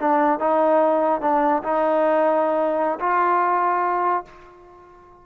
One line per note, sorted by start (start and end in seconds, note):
0.00 0.40 D4
0.40 1.21 D#4
1.21 1.63 D4
1.64 2.99 D#4
3.00 4.25 F4